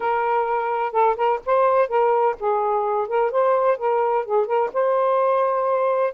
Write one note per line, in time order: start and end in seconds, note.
0.00 0.92 A#4
0.92 1.16 A4
1.16 1.39 A#4
1.45 1.88 C5
1.88 2.35 A#4
2.39 3.07 G#4
3.07 3.31 A#4
3.31 3.77 C5
3.77 4.25 A#4
4.25 4.46 G#4
4.46 4.70 A#4
4.73 6.13 C5